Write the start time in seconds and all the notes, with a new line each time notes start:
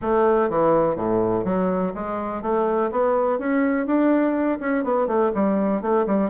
0.01 A3
0.49 E3
0.96 A2
1.44 F#3
1.94 G#3
2.41 A3
2.91 B3
3.38 C#4
3.86 D4
4.59 C#4
4.83 B3
5.07 A3
5.34 G3
5.81 A3
6.06 G3